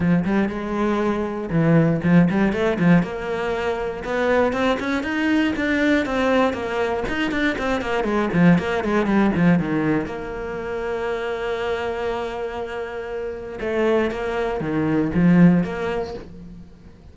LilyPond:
\new Staff \with { instrumentName = "cello" } { \time 4/4 \tempo 4 = 119 f8 g8 gis2 e4 | f8 g8 a8 f8 ais2 | b4 c'8 cis'8 dis'4 d'4 | c'4 ais4 dis'8 d'8 c'8 ais8 |
gis8 f8 ais8 gis8 g8 f8 dis4 | ais1~ | ais2. a4 | ais4 dis4 f4 ais4 | }